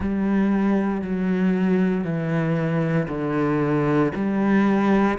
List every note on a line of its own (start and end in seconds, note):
0.00 1.01 G3
1.01 2.04 F#3
2.04 3.08 E3
3.08 4.11 D3
4.15 5.18 G3